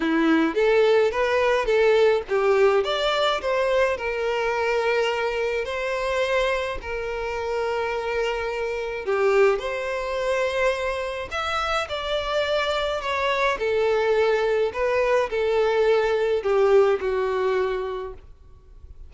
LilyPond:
\new Staff \with { instrumentName = "violin" } { \time 4/4 \tempo 4 = 106 e'4 a'4 b'4 a'4 | g'4 d''4 c''4 ais'4~ | ais'2 c''2 | ais'1 |
g'4 c''2. | e''4 d''2 cis''4 | a'2 b'4 a'4~ | a'4 g'4 fis'2 | }